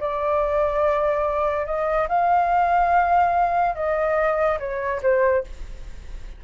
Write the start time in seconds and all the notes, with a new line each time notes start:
0.00 D5
1.66 D#5
2.08 F5
3.75 D#5
4.59 C#5
5.02 C5